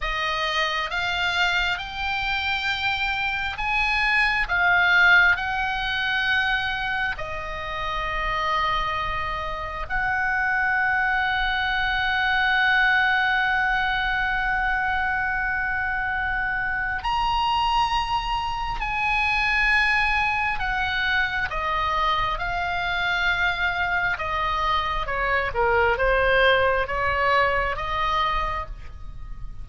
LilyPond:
\new Staff \with { instrumentName = "oboe" } { \time 4/4 \tempo 4 = 67 dis''4 f''4 g''2 | gis''4 f''4 fis''2 | dis''2. fis''4~ | fis''1~ |
fis''2. ais''4~ | ais''4 gis''2 fis''4 | dis''4 f''2 dis''4 | cis''8 ais'8 c''4 cis''4 dis''4 | }